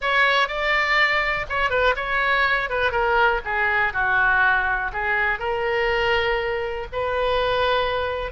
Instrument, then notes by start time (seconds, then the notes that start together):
oboe
0.01 C#5
0.47 D5
1.49 C#5
1.70 B4
1.95 C#5
2.69 B4
2.91 A#4
3.44 G#4
3.93 F#4
4.92 G#4
5.39 A#4
6.92 B4